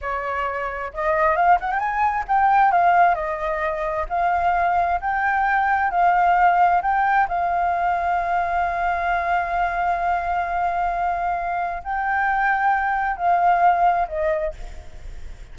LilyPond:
\new Staff \with { instrumentName = "flute" } { \time 4/4 \tempo 4 = 132 cis''2 dis''4 f''8 fis''16 g''16 | gis''4 g''4 f''4 dis''4~ | dis''4 f''2 g''4~ | g''4 f''2 g''4 |
f''1~ | f''1~ | f''2 g''2~ | g''4 f''2 dis''4 | }